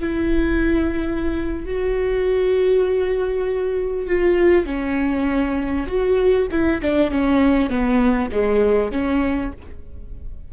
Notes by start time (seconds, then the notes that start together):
0.00 E4
1.66 F#4
4.08 F4
4.66 C#4
5.87 F#4
6.51 E4
6.82 D4
7.11 C#4
7.70 B3
8.32 G#3
8.92 C#4